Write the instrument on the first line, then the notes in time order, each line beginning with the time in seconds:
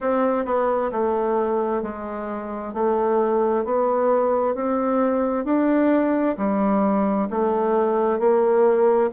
bassoon
0.00 C4
0.45 B3
0.91 A3
1.82 G#3
2.73 A3
3.64 B3
4.55 C4
5.45 D4
6.37 G3
7.30 A3
8.19 A#3